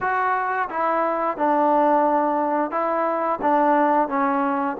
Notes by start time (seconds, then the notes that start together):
0.00 F#4
0.69 E4
1.37 D4
2.71 E4
3.41 D4
4.08 C#4